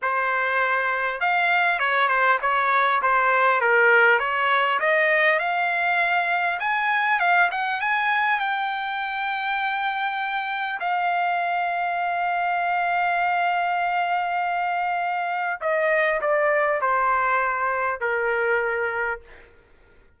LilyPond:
\new Staff \with { instrumentName = "trumpet" } { \time 4/4 \tempo 4 = 100 c''2 f''4 cis''8 c''8 | cis''4 c''4 ais'4 cis''4 | dis''4 f''2 gis''4 | f''8 fis''8 gis''4 g''2~ |
g''2 f''2~ | f''1~ | f''2 dis''4 d''4 | c''2 ais'2 | }